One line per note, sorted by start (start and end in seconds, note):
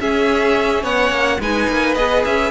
0.00 1.40 C#4
0.00 0.84 C#4
0.00 0.83 G#4
0.00 0.84 E5
0.83 1.10 B3
0.83 1.39 C#5
0.83 1.41 F#5
1.10 1.38 A#3
1.40 1.68 G#3
1.40 1.96 D#4
1.40 2.51 B4
1.40 1.95 G#5
1.69 1.96 A#3
1.95 2.24 B3
1.95 2.51 G#4
1.95 2.23 D#5
2.25 2.51 C#4
2.25 2.51 E5